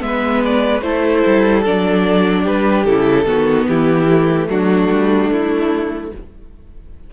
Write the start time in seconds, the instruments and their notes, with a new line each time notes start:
0.00 cello G#3, viola B3, violin E5
0.06 violin B4
0.45 violin D5
0.82 cello A3, viola E4, violin A4 C5
1.27 cello G3
1.66 cello F#3, viola D4, violin D5
2.43 cello G3, violin G4 B4
2.85 cello C#3, viola E4, violin A4
3.26 cello D#3, viola B3, violin F#4
3.68 cello E3, violin E4 G4
4.10 viola A3
4.49 cello F#3, violin D4 F#4
4.91 cello G3
5.31 cello A3, violin E4